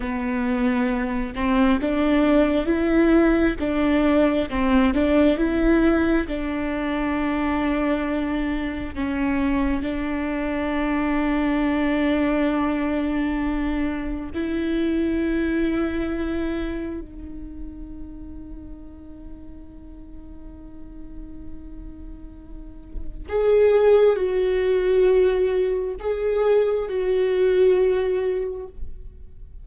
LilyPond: \new Staff \with { instrumentName = "viola" } { \time 4/4 \tempo 4 = 67 b4. c'8 d'4 e'4 | d'4 c'8 d'8 e'4 d'4~ | d'2 cis'4 d'4~ | d'1 |
e'2. dis'4~ | dis'1~ | dis'2 gis'4 fis'4~ | fis'4 gis'4 fis'2 | }